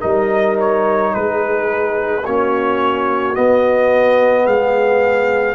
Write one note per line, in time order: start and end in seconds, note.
0.00 1.16 G3
0.00 2.22 D#4
0.00 1.12 A#4
0.00 0.57 D#5
0.60 1.15 C#5
1.14 2.26 G#3
1.14 2.25 G#4
1.14 2.26 B4
2.26 3.37 A#3
2.26 3.34 C#4
2.26 4.46 F#4
2.26 3.36 C#5
3.34 5.56 B3
3.34 4.47 B3
3.34 4.47 D#5
4.46 5.56 G#3
4.46 5.56 G#4
4.46 5.56 F5